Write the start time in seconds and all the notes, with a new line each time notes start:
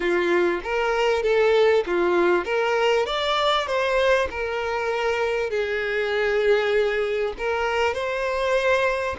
0.00 F4
0.63 A#4
1.22 A4
1.86 F4
2.45 A#4
3.06 D5
3.66 C5
4.30 A#4
5.50 G#4
7.38 A#4
7.94 C5